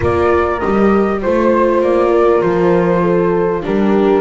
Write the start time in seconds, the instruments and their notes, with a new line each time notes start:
0.00 double bass A#3, viola F4, horn A#4, flute D5
0.59 double bass G3, viola G4, flute D#5
1.21 double bass A3, viola F4, flute C5, horn C5
1.81 double bass A#3, flute D5
2.10 horn A#4
2.41 double bass F3, flute C5
3.01 horn A4
3.62 double bass G3, viola D4, horn G4, flute A#4